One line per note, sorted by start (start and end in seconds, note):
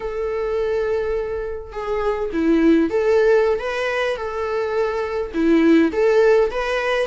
0.00 1.72 A4
1.72 2.29 G#4
2.32 2.90 E4
2.90 3.59 A4
3.59 4.16 B4
4.16 5.32 A4
5.33 5.91 E4
5.92 6.50 A4
6.50 7.06 B4